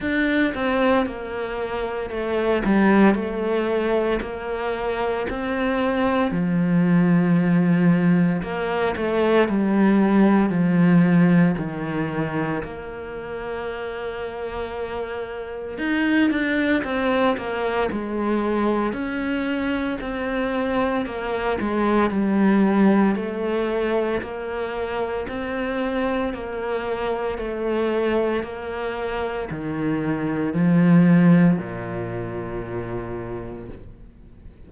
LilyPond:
\new Staff \with { instrumentName = "cello" } { \time 4/4 \tempo 4 = 57 d'8 c'8 ais4 a8 g8 a4 | ais4 c'4 f2 | ais8 a8 g4 f4 dis4 | ais2. dis'8 d'8 |
c'8 ais8 gis4 cis'4 c'4 | ais8 gis8 g4 a4 ais4 | c'4 ais4 a4 ais4 | dis4 f4 ais,2 | }